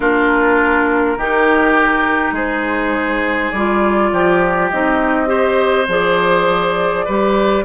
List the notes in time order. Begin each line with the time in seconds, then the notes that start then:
0.00 A#3 D4 F4 A#4
1.17 D#3 D#4 G4
2.31 G#3 G#4 C5
3.51 G3 F4 D5
4.12 F3 G4
4.69 C4 D#4 D#5
5.26 G4 C5
5.87 F3 G#4 D5
7.05 G3 G4 B4